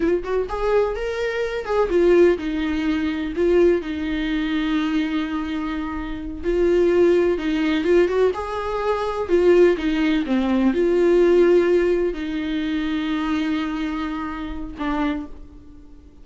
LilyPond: \new Staff \with { instrumentName = "viola" } { \time 4/4 \tempo 4 = 126 f'8 fis'8 gis'4 ais'4. gis'8 | f'4 dis'2 f'4 | dis'1~ | dis'4. f'2 dis'8~ |
dis'8 f'8 fis'8 gis'2 f'8~ | f'8 dis'4 c'4 f'4.~ | f'4. dis'2~ dis'8~ | dis'2. d'4 | }